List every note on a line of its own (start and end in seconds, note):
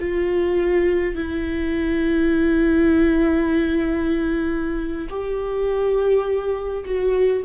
0.00 1.15 F4
1.15 5.09 E4
5.10 6.85 G4
6.85 7.44 F#4